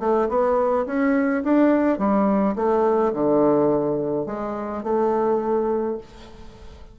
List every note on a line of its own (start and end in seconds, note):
0.00 0.29 A3
0.29 0.86 B3
0.86 1.44 C#4
1.44 1.98 D4
1.98 2.56 G3
2.56 3.13 A3
3.14 4.26 D3
4.26 4.83 G#3
4.84 5.98 A3